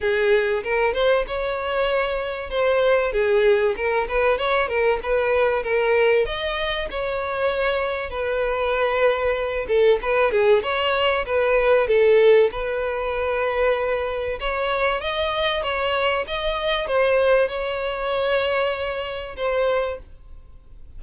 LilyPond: \new Staff \with { instrumentName = "violin" } { \time 4/4 \tempo 4 = 96 gis'4 ais'8 c''8 cis''2 | c''4 gis'4 ais'8 b'8 cis''8 ais'8 | b'4 ais'4 dis''4 cis''4~ | cis''4 b'2~ b'8 a'8 |
b'8 gis'8 cis''4 b'4 a'4 | b'2. cis''4 | dis''4 cis''4 dis''4 c''4 | cis''2. c''4 | }